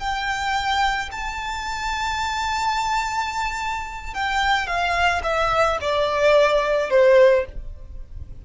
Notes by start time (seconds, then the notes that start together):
0.00 G5
1.12 A5
4.15 G5
4.67 F5
5.24 E5
5.81 D5
6.91 C5